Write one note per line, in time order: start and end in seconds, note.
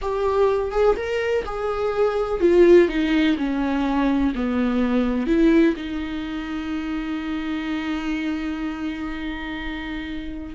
0.01 0.71 G4
0.71 0.95 G#4
0.96 1.44 A#4
1.45 2.40 G#4
2.40 2.88 F4
2.88 3.36 D#4
3.37 4.33 C#4
4.34 5.26 B3
5.26 5.74 E4
5.76 10.54 D#4